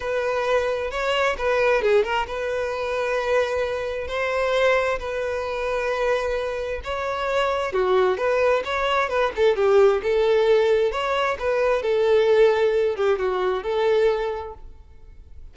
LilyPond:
\new Staff \with { instrumentName = "violin" } { \time 4/4 \tempo 4 = 132 b'2 cis''4 b'4 | gis'8 ais'8 b'2.~ | b'4 c''2 b'4~ | b'2. cis''4~ |
cis''4 fis'4 b'4 cis''4 | b'8 a'8 g'4 a'2 | cis''4 b'4 a'2~ | a'8 g'8 fis'4 a'2 | }